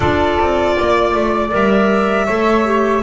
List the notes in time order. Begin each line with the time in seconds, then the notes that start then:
0.00 D4 F4 A4 D5
0.39 C4
0.77 A#3 D5
1.14 A3
1.50 G3 A#4 E5
2.25 A3 A4 C#5
2.65 G4